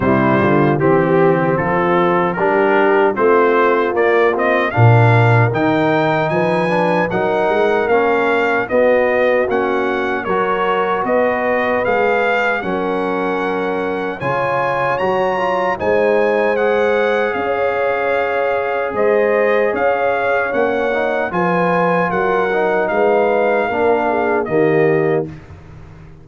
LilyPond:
<<
  \new Staff \with { instrumentName = "trumpet" } { \time 4/4 \tempo 4 = 76 c''4 g'4 a'4 ais'4 | c''4 d''8 dis''8 f''4 g''4 | gis''4 fis''4 f''4 dis''4 | fis''4 cis''4 dis''4 f''4 |
fis''2 gis''4 ais''4 | gis''4 fis''4 f''2 | dis''4 f''4 fis''4 gis''4 | fis''4 f''2 dis''4 | }
  \new Staff \with { instrumentName = "horn" } { \time 4/4 e'8 f'8 g'4 f'4 g'4 | f'2 ais'2 | b'4 ais'2 fis'4~ | fis'4 ais'4 b'2 |
ais'2 cis''2 | c''2 cis''2 | c''4 cis''2 b'4 | ais'4 b'4 ais'8 gis'8 g'4 | }
  \new Staff \with { instrumentName = "trombone" } { \time 4/4 g4 c'2 d'4 | c'4 ais8 c'8 d'4 dis'4~ | dis'8 d'8 dis'4 cis'4 b4 | cis'4 fis'2 gis'4 |
cis'2 f'4 fis'8 f'8 | dis'4 gis'2.~ | gis'2 cis'8 dis'8 f'4~ | f'8 dis'4. d'4 ais4 | }
  \new Staff \with { instrumentName = "tuba" } { \time 4/4 c8 d8 e4 f4 g4 | a4 ais4 ais,4 dis4 | f4 fis8 gis8 ais4 b4 | ais4 fis4 b4 gis4 |
fis2 cis4 fis4 | gis2 cis'2 | gis4 cis'4 ais4 f4 | fis4 gis4 ais4 dis4 | }
>>